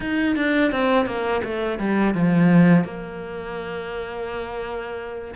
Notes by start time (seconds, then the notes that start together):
0.00 D#4
0.35 D4
0.71 C4
1.06 A#3
1.44 A3
1.79 G3
2.14 F3
2.84 A#3